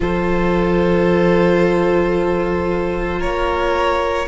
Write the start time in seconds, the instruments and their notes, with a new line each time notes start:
0.00 cello F3, viola F4, violin A4 C5
3.19 cello A#3, violin A#4 C#5